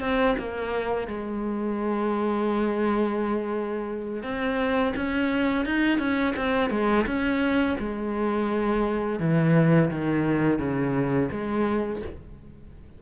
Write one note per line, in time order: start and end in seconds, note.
0.00 0.35 C4
0.39 1.07 A#3
1.07 4.23 G#3
4.23 4.93 C4
4.96 5.65 C#4
5.65 5.98 D#4
5.98 6.34 C#4
6.36 6.70 C4
6.70 7.06 G#3
7.06 7.77 C#4
7.79 9.19 G#3
9.19 9.90 E3
9.90 10.59 D#3
10.59 11.29 C#3
11.31 12.02 G#3